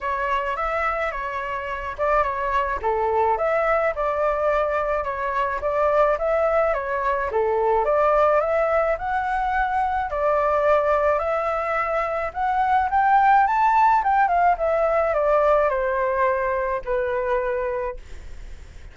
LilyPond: \new Staff \with { instrumentName = "flute" } { \time 4/4 \tempo 4 = 107 cis''4 e''4 cis''4. d''8 | cis''4 a'4 e''4 d''4~ | d''4 cis''4 d''4 e''4 | cis''4 a'4 d''4 e''4 |
fis''2 d''2 | e''2 fis''4 g''4 | a''4 g''8 f''8 e''4 d''4 | c''2 b'2 | }